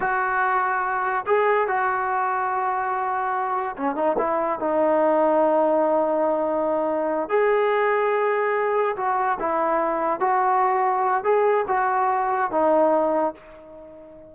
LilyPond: \new Staff \with { instrumentName = "trombone" } { \time 4/4 \tempo 4 = 144 fis'2. gis'4 | fis'1~ | fis'4 cis'8 dis'8 e'4 dis'4~ | dis'1~ |
dis'4. gis'2~ gis'8~ | gis'4. fis'4 e'4.~ | e'8 fis'2~ fis'8 gis'4 | fis'2 dis'2 | }